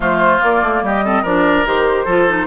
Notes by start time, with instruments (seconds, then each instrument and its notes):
0.00 bassoon F3, clarinet A3, oboe F4, flute C5
0.39 clarinet A#3, bassoon A#3, flute D5
0.62 bassoon A3
0.82 bassoon G3, oboe G4, flute D#5
1.04 clarinet C4, oboe A4
1.22 bassoon F3, clarinet D4, oboe A#4, flute D5
1.64 bassoon D#3, clarinet G4, flute C5
2.04 bassoon F3, clarinet F4, oboe A4
2.27 clarinet D#4